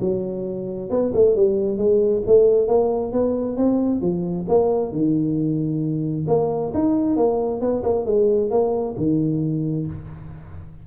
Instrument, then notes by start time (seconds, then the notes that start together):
tuba
0.00 F#3
0.90 B3
1.14 A3
1.35 G3
1.77 G#3
2.26 A3
2.67 A#3
3.12 B3
3.56 C4
4.01 F3
4.48 A#3
4.92 D#3
6.27 A#3
6.74 D#4
7.16 A#3
7.60 B3
7.83 A#3
8.05 G#3
8.50 A#3
8.97 D#3